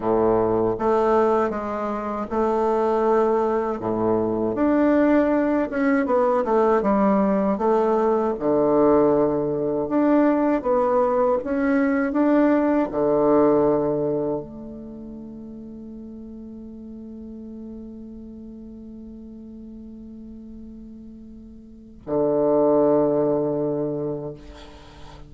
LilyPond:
\new Staff \with { instrumentName = "bassoon" } { \time 4/4 \tempo 4 = 79 a,4 a4 gis4 a4~ | a4 a,4 d'4. cis'8 | b8 a8 g4 a4 d4~ | d4 d'4 b4 cis'4 |
d'4 d2 a4~ | a1~ | a1~ | a4 d2. | }